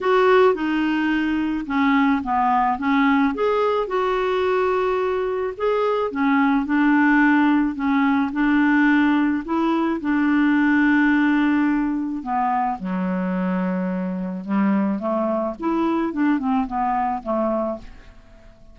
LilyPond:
\new Staff \with { instrumentName = "clarinet" } { \time 4/4 \tempo 4 = 108 fis'4 dis'2 cis'4 | b4 cis'4 gis'4 fis'4~ | fis'2 gis'4 cis'4 | d'2 cis'4 d'4~ |
d'4 e'4 d'2~ | d'2 b4 fis4~ | fis2 g4 a4 | e'4 d'8 c'8 b4 a4 | }